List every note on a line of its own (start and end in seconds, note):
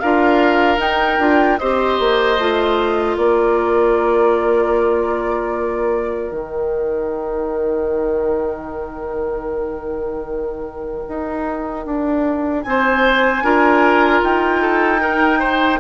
0.00 0.78 D4
0.00 0.78 F4
0.00 1.60 A#4
0.00 0.79 F5
0.78 1.17 D#4
0.78 1.58 G5
1.19 1.58 D4
1.19 1.59 F4
1.58 2.00 C4
1.58 2.39 G4
1.58 3.17 C5
1.58 3.16 D#5
2.00 2.38 A#3
2.38 3.17 A3
2.38 6.33 F4
3.17 6.31 A#3
3.17 12.64 A#4
3.17 6.32 D5
6.31 11.05 D#3
6.31 13.44 D#4
6.31 12.62 G5
11.08 11.86 D#4
11.86 12.65 D4
12.62 13.43 C4
12.62 14.20 G#5
12.69 13.44 C5
13.43 14.22 D4
13.43 15.00 F4
13.43 14.62 A#4
14.23 15.80 D#4
14.23 15.80 G5
14.62 15.01 A4
15.00 15.79 D#4
15.00 15.39 A#4
15.39 15.78 C5